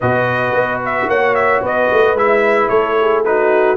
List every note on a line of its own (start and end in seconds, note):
0.00 0.53 B2
0.00 2.16 F#4
0.00 1.08 B4
0.00 0.81 D#5
0.53 1.07 B3
0.85 1.09 E5
1.07 1.61 A#3
1.07 1.62 C#5
1.07 1.34 F#5
1.34 1.61 E5
1.61 1.89 B3
1.61 2.70 B4
1.61 2.17 D#5
1.92 2.14 A3
2.14 2.68 G#3
2.14 3.25 E4
2.14 2.68 E5
2.68 3.77 A3
2.68 2.97 A4
2.68 3.23 C#5
3.00 3.27 G#4
3.24 3.77 D#4
3.24 3.77 F#4
3.24 3.77 B4